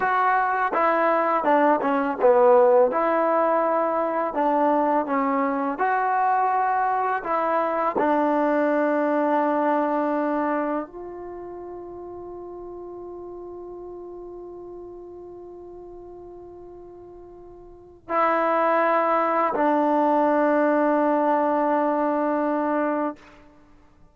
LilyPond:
\new Staff \with { instrumentName = "trombone" } { \time 4/4 \tempo 4 = 83 fis'4 e'4 d'8 cis'8 b4 | e'2 d'4 cis'4 | fis'2 e'4 d'4~ | d'2. f'4~ |
f'1~ | f'1~ | f'4 e'2 d'4~ | d'1 | }